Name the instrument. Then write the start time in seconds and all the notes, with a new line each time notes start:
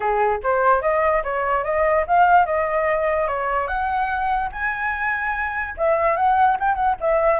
flute
0.00 G#4
0.43 C5
0.81 D#5
1.23 C#5
1.64 D#5
2.07 F5
2.45 D#5
3.27 C#5
3.67 F#5
4.52 G#5
5.77 E5
6.16 F#5
6.59 G5
6.75 F#5
7.00 E5